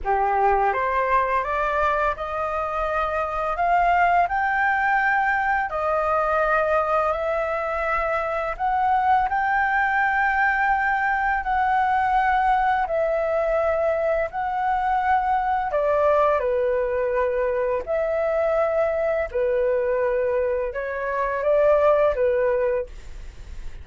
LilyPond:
\new Staff \with { instrumentName = "flute" } { \time 4/4 \tempo 4 = 84 g'4 c''4 d''4 dis''4~ | dis''4 f''4 g''2 | dis''2 e''2 | fis''4 g''2. |
fis''2 e''2 | fis''2 d''4 b'4~ | b'4 e''2 b'4~ | b'4 cis''4 d''4 b'4 | }